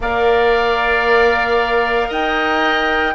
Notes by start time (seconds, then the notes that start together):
0.00 A#3 A#4 D5 F5
2.08 D#4 D#5 G5